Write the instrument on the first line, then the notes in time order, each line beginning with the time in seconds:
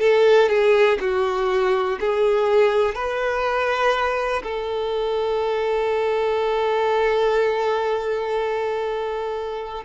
violin
0.00 A4
0.49 G#4
1.01 F#4
2.00 G#4
2.95 B4
4.44 A4